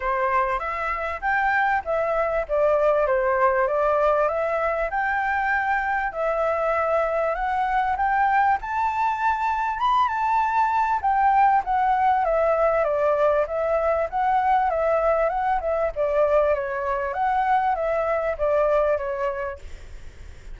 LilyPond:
\new Staff \with { instrumentName = "flute" } { \time 4/4 \tempo 4 = 98 c''4 e''4 g''4 e''4 | d''4 c''4 d''4 e''4 | g''2 e''2 | fis''4 g''4 a''2 |
b''8 a''4. g''4 fis''4 | e''4 d''4 e''4 fis''4 | e''4 fis''8 e''8 d''4 cis''4 | fis''4 e''4 d''4 cis''4 | }